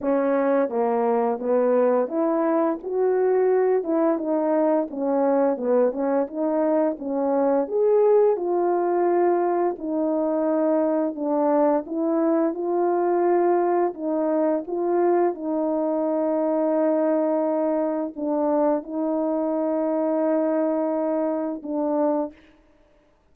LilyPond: \new Staff \with { instrumentName = "horn" } { \time 4/4 \tempo 4 = 86 cis'4 ais4 b4 e'4 | fis'4. e'8 dis'4 cis'4 | b8 cis'8 dis'4 cis'4 gis'4 | f'2 dis'2 |
d'4 e'4 f'2 | dis'4 f'4 dis'2~ | dis'2 d'4 dis'4~ | dis'2. d'4 | }